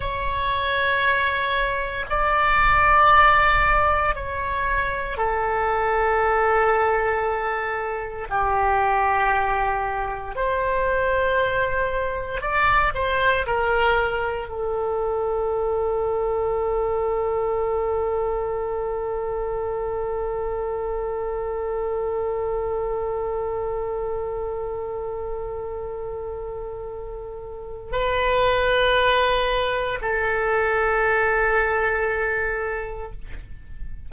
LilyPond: \new Staff \with { instrumentName = "oboe" } { \time 4/4 \tempo 4 = 58 cis''2 d''2 | cis''4 a'2. | g'2 c''2 | d''8 c''8 ais'4 a'2~ |
a'1~ | a'1~ | a'2. b'4~ | b'4 a'2. | }